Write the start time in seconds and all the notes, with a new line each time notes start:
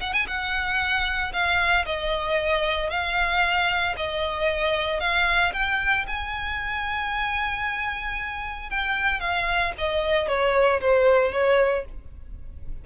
0.00 F#5
0.13 G#5
0.27 F#5
1.32 F5
1.85 D#5
2.90 F5
3.97 D#5
5.00 F5
5.53 G5
6.07 G#5
8.70 G5
9.19 F5
9.78 D#5
10.28 C#5
10.80 C5
11.32 C#5